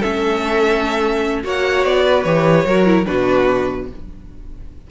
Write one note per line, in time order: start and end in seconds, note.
0.00 1.45 A3
0.00 1.44 C#4
0.00 1.42 A4
0.00 1.44 E5
1.44 1.85 A#3
1.44 2.25 F#4
1.44 2.05 C#5
1.44 1.85 F#5
1.85 2.25 B3
1.85 2.23 D5
2.06 2.67 B4
2.23 2.66 E3
2.23 2.67 G4
2.23 3.05 C#5
2.66 3.06 F#3
2.66 2.86 F#4
2.66 3.07 A#4
2.86 3.06 E4
3.06 3.91 B2
3.06 3.87 D4
3.06 3.89 F#4
3.06 3.87 B4